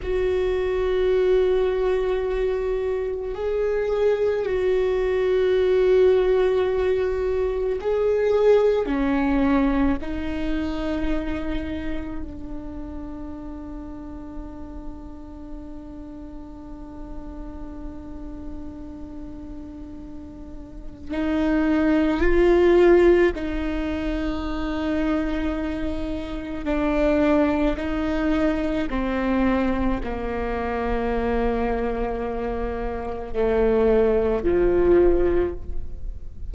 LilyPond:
\new Staff \with { instrumentName = "viola" } { \time 4/4 \tempo 4 = 54 fis'2. gis'4 | fis'2. gis'4 | cis'4 dis'2 d'4~ | d'1~ |
d'2. dis'4 | f'4 dis'2. | d'4 dis'4 c'4 ais4~ | ais2 a4 f4 | }